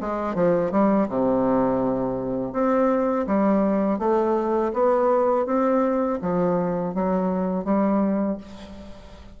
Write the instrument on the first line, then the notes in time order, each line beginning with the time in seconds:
bassoon
0.00 G#3
0.35 F3
0.71 G3
1.08 C3
2.52 C4
3.26 G3
3.98 A3
4.73 B3
5.45 C4
6.21 F3
6.94 F#3
7.64 G3